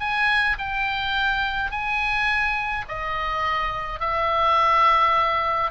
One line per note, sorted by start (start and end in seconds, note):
0.00 0.57 G#5
0.59 1.71 G5
1.71 2.85 G#5
2.89 4.00 D#5
4.00 5.71 E5